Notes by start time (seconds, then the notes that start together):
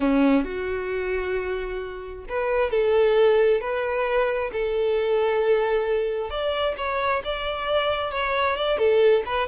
0.00 C#4
0.44 F#4
2.28 B4
2.70 A4
3.60 B4
4.52 A4
6.29 D5
6.77 C#5
7.24 D5
8.11 C#5
8.56 D5
8.78 A4
9.25 B4